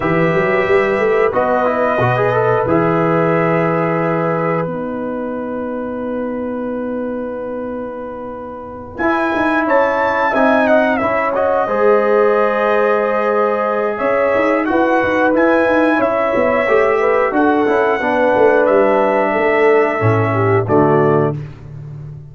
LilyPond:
<<
  \new Staff \with { instrumentName = "trumpet" } { \time 4/4 \tempo 4 = 90 e''2 dis''2 | e''2. fis''4~ | fis''1~ | fis''4. gis''4 a''4 gis''8 |
fis''8 e''8 dis''2.~ | dis''4 e''4 fis''4 gis''4 | e''2 fis''2 | e''2. d''4 | }
  \new Staff \with { instrumentName = "horn" } { \time 4/4 b'1~ | b'1~ | b'1~ | b'2~ b'8 cis''4 e''8 |
dis''8 cis''4 c''2~ c''8~ | c''4 cis''4 b'2 | cis''4. b'8 a'4 b'4~ | b'4 a'4. g'8 fis'4 | }
  \new Staff \with { instrumentName = "trombone" } { \time 4/4 g'2 fis'8 e'8 fis'16 gis'16 a'8 | gis'2. dis'4~ | dis'1~ | dis'4. e'2 dis'8~ |
dis'8 e'8 fis'8 gis'2~ gis'8~ | gis'2 fis'4 e'4~ | e'4 g'4 fis'8 e'8 d'4~ | d'2 cis'4 a4 | }
  \new Staff \with { instrumentName = "tuba" } { \time 4/4 e8 fis8 g8 a8 b4 b,4 | e2. b4~ | b1~ | b4. e'8 dis'8 cis'4 c'8~ |
c'8 cis'4 gis2~ gis8~ | gis4 cis'8 dis'8 e'8 dis'8 e'8 dis'8 | cis'8 b8 a4 d'8 cis'8 b8 a8 | g4 a4 a,4 d4 | }
>>